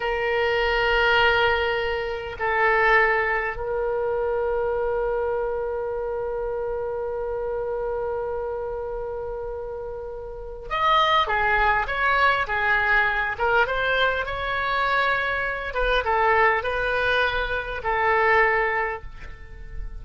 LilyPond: \new Staff \with { instrumentName = "oboe" } { \time 4/4 \tempo 4 = 101 ais'1 | a'2 ais'2~ | ais'1~ | ais'1~ |
ais'2 dis''4 gis'4 | cis''4 gis'4. ais'8 c''4 | cis''2~ cis''8 b'8 a'4 | b'2 a'2 | }